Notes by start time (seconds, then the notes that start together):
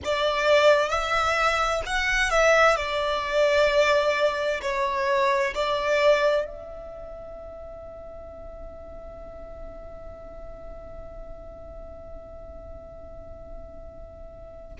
0.04 D5
0.89 E5
1.86 F#5
2.30 E5
2.76 D5
4.61 C#5
5.54 D5
6.45 E5